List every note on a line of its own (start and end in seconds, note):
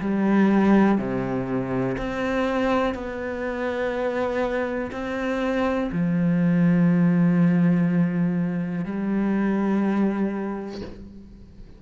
0.00 0.97 G3
0.97 1.96 C3
1.97 2.94 C4
2.94 4.90 B3
4.91 5.90 C4
5.92 8.84 F3
8.84 10.81 G3